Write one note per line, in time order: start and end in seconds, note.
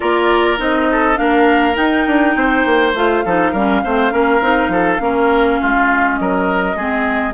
0.00 0.59 A#3
0.00 0.57 F4
0.00 0.88 A#4
0.00 0.59 D5
0.57 1.17 C4
0.57 1.15 D#4
0.57 1.17 D#5
0.91 1.19 A4
1.15 1.76 A#3
1.15 1.74 D4
1.15 2.36 A#4
1.15 1.75 F5
1.74 2.92 D#4
1.74 2.06 D#4
1.74 2.93 G5
2.06 2.36 D4
2.36 2.65 C4
2.36 3.25 C5
2.65 2.94 A#3
2.94 3.23 A3
2.94 3.25 F4
2.94 6.15 F5
3.25 3.53 F3
3.25 3.55 D#4
3.25 3.51 A4
3.51 3.82 G3
3.51 3.84 C#4
3.51 3.81 A#4
3.84 4.11 A3
3.84 4.10 C4
3.84 4.12 C5
4.10 4.41 A#3
4.10 4.40 C#4
4.10 4.71 A#4
4.41 4.68 C4
4.41 4.98 D#4
4.68 4.97 F3
4.68 5.01 A4
4.98 5.59 A#3
4.98 6.75 C#4
4.98 5.61 A#4
5.61 6.19 G#3
5.61 6.19 F4
6.15 6.75 F#3
6.15 7.32 D#5
6.21 6.76 A#4
6.75 7.33 G#3
6.75 7.33 C4
6.75 7.33 G#4